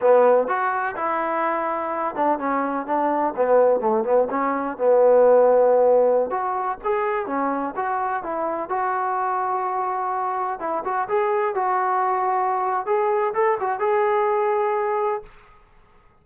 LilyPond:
\new Staff \with { instrumentName = "trombone" } { \time 4/4 \tempo 4 = 126 b4 fis'4 e'2~ | e'8 d'8 cis'4 d'4 b4 | a8 b8 cis'4 b2~ | b4~ b16 fis'4 gis'4 cis'8.~ |
cis'16 fis'4 e'4 fis'4.~ fis'16~ | fis'2~ fis'16 e'8 fis'8 gis'8.~ | gis'16 fis'2~ fis'8. gis'4 | a'8 fis'8 gis'2. | }